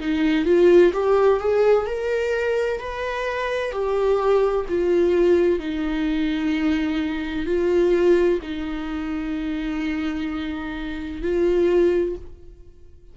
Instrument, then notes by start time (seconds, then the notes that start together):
viola
0.00 D#4
0.45 F4
0.93 G4
1.40 G#4
1.86 A#4
2.80 B4
3.72 G4
4.69 F4
5.60 D#4
7.46 F4
8.42 D#4
11.22 F4